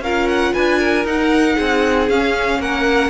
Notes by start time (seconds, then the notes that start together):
0.00 C#4 F4 A#4 F5
0.28 F#5
0.53 D4 B4 G#5
0.79 A#4
1.04 D#4 F#5
1.55 C4 G#4
2.09 C#4 F5
2.59 A#3 A#4 F#5